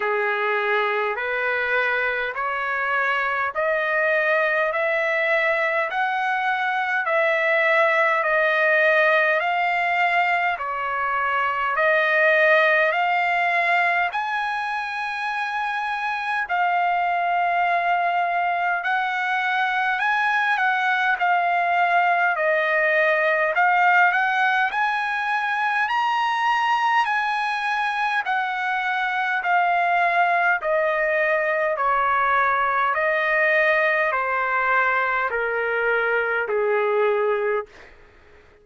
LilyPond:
\new Staff \with { instrumentName = "trumpet" } { \time 4/4 \tempo 4 = 51 gis'4 b'4 cis''4 dis''4 | e''4 fis''4 e''4 dis''4 | f''4 cis''4 dis''4 f''4 | gis''2 f''2 |
fis''4 gis''8 fis''8 f''4 dis''4 | f''8 fis''8 gis''4 ais''4 gis''4 | fis''4 f''4 dis''4 cis''4 | dis''4 c''4 ais'4 gis'4 | }